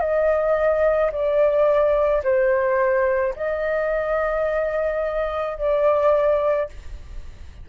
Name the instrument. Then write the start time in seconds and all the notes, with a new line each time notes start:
flute
0.00 D#5
1.11 D5
2.23 C5
3.36 D#5
5.58 D5